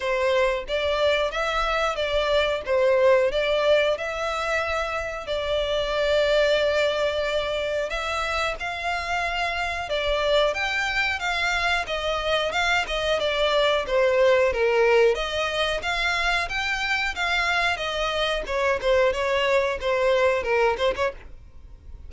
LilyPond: \new Staff \with { instrumentName = "violin" } { \time 4/4 \tempo 4 = 91 c''4 d''4 e''4 d''4 | c''4 d''4 e''2 | d''1 | e''4 f''2 d''4 |
g''4 f''4 dis''4 f''8 dis''8 | d''4 c''4 ais'4 dis''4 | f''4 g''4 f''4 dis''4 | cis''8 c''8 cis''4 c''4 ais'8 c''16 cis''16 | }